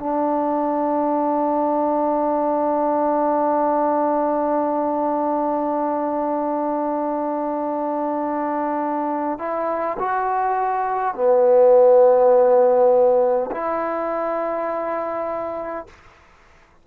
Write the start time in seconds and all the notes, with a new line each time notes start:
0.00 D4
9.39 E4
9.99 F#4
11.16 B3
13.52 E4